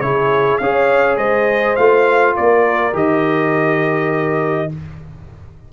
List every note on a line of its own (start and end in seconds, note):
0.00 0.59 C#3
0.00 0.60 E4
0.00 0.60 G#4
0.00 0.57 C#5
0.57 1.17 C#4
0.57 1.78 G#4
0.57 1.17 C#5
0.57 1.16 F5
1.16 1.75 G#3
1.16 2.35 C5
1.16 1.75 D#5
1.75 2.36 A3
1.75 2.92 F4
1.75 2.34 F5
2.36 2.93 A#3
2.36 4.71 A#4
2.36 2.95 D5
2.92 4.70 D#3
2.92 4.69 G4
2.92 4.72 D#5